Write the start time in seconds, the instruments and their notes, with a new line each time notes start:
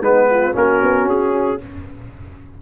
0.00 tuba G#3, trombone B3, horn D#4, trumpet B4
0.30 horn F4
0.53 tuba A#3, trombone C#4, horn F#4, trumpet A#4
0.83 tuba B3
1.05 tuba C#4, trumpet G#4